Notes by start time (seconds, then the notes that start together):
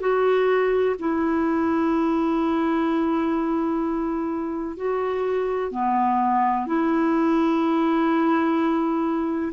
0.00 F#4
0.99 E4
4.77 F#4
5.71 B3
6.66 E4